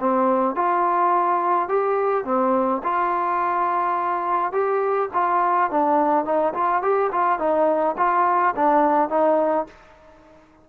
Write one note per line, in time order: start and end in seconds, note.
0.00 0.56 C4
0.56 1.69 F4
1.69 2.25 G4
2.25 2.82 C4
2.84 4.53 F4
4.53 5.10 G4
5.14 5.71 F4
5.71 6.25 D4
6.25 6.54 D#4
6.54 6.82 F4
6.82 7.11 G4
7.12 7.39 F4
7.39 7.96 D#4
7.98 8.55 F4
8.56 9.10 D4
9.10 9.67 D#4